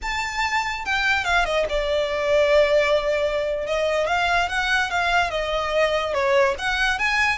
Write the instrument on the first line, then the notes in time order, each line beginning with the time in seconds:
violin
0.02 A5
0.85 G5
1.24 F5
1.45 D#5
1.69 D5
3.66 D#5
4.07 F5
4.48 F#5
4.90 F5
5.30 D#5
6.13 C#5
6.58 F#5
6.98 G#5